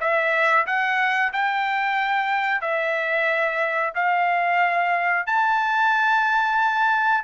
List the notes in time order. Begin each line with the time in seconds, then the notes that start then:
0.00 E5
0.66 F#5
1.32 G5
2.61 E5
3.95 F5
5.26 A5